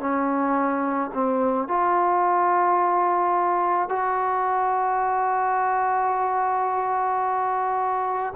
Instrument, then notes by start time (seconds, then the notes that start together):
trombone
0.00 C#4
1.14 C4
1.68 F4
3.89 F#4